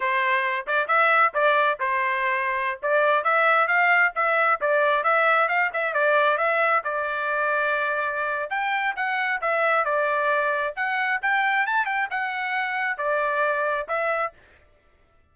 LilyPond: \new Staff \with { instrumentName = "trumpet" } { \time 4/4 \tempo 4 = 134 c''4. d''8 e''4 d''4 | c''2~ c''16 d''4 e''8.~ | e''16 f''4 e''4 d''4 e''8.~ | e''16 f''8 e''8 d''4 e''4 d''8.~ |
d''2. g''4 | fis''4 e''4 d''2 | fis''4 g''4 a''8 g''8 fis''4~ | fis''4 d''2 e''4 | }